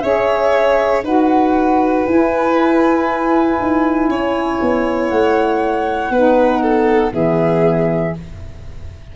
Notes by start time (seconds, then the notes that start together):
0.00 C#4 G#4 C#5 E5
1.03 D#4 F#4 B4 F#5
2.06 E4 G#5
3.60 D#4
4.08 C#4 C#5
4.61 B3
5.08 A3 F#5
6.10 B3 D#4 B4
6.62 A4
7.11 E3 B3 G#4 E5